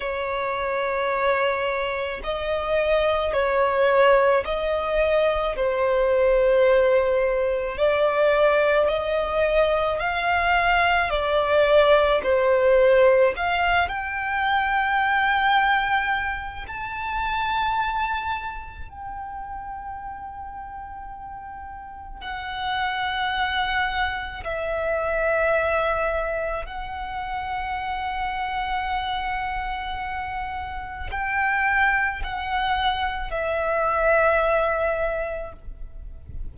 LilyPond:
\new Staff \with { instrumentName = "violin" } { \time 4/4 \tempo 4 = 54 cis''2 dis''4 cis''4 | dis''4 c''2 d''4 | dis''4 f''4 d''4 c''4 | f''8 g''2~ g''8 a''4~ |
a''4 g''2. | fis''2 e''2 | fis''1 | g''4 fis''4 e''2 | }